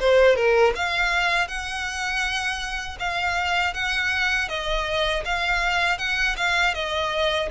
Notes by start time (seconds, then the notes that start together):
0.00 C5
0.36 A#4
0.76 F5
1.48 F#5
3.00 F5
3.74 F#5
4.49 D#5
5.25 F5
5.99 F#5
6.37 F5
6.74 D#5